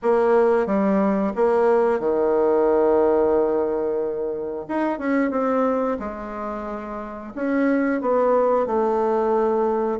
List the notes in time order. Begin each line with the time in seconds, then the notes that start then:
0.02 A#3
0.66 G3
1.35 A#3
1.99 D#3
4.68 D#4
4.98 C#4
5.30 C4
5.99 G#3
7.35 C#4
8.01 B3
8.66 A3